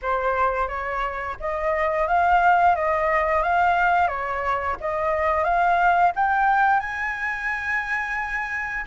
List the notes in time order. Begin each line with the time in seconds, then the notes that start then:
0.02 C5
0.68 C#5
1.39 D#5
2.07 F5
2.75 D#5
3.42 F5
4.07 C#5
4.80 D#5
5.44 F5
6.15 G5
6.80 G#5